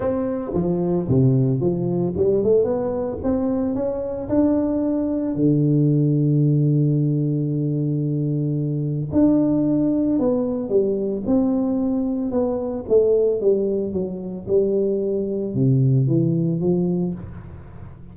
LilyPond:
\new Staff \with { instrumentName = "tuba" } { \time 4/4 \tempo 4 = 112 c'4 f4 c4 f4 | g8 a8 b4 c'4 cis'4 | d'2 d2~ | d1~ |
d4 d'2 b4 | g4 c'2 b4 | a4 g4 fis4 g4~ | g4 c4 e4 f4 | }